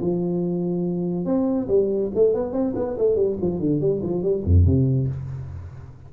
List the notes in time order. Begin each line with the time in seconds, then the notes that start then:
0.00 F3
1.25 C4
1.68 G3
2.15 A3
2.33 B3
2.52 C4
2.75 B3
2.98 A3
3.15 G3
3.41 F3
3.59 D3
3.80 G3
4.03 F3
4.22 G3
4.44 F2
4.65 C3